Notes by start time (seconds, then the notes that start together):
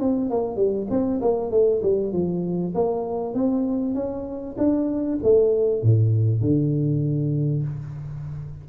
0.00 C4
0.30 A#3
0.56 G3
0.90 C4
1.22 A#3
1.51 A3
1.83 G3
2.13 F3
2.75 A#3
3.34 C4
3.95 C#4
4.58 D4
5.23 A3
5.83 A2
6.41 D3